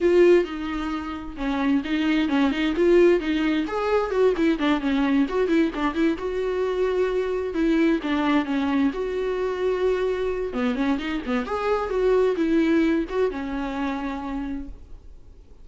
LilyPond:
\new Staff \with { instrumentName = "viola" } { \time 4/4 \tempo 4 = 131 f'4 dis'2 cis'4 | dis'4 cis'8 dis'8 f'4 dis'4 | gis'4 fis'8 e'8 d'8 cis'4 fis'8 | e'8 d'8 e'8 fis'2~ fis'8~ |
fis'8 e'4 d'4 cis'4 fis'8~ | fis'2. b8 cis'8 | dis'8 b8 gis'4 fis'4 e'4~ | e'8 fis'8 cis'2. | }